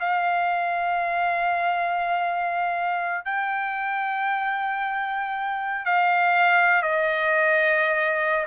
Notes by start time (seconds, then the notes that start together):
0.00 F5
3.25 G5
5.86 F5
6.83 D#5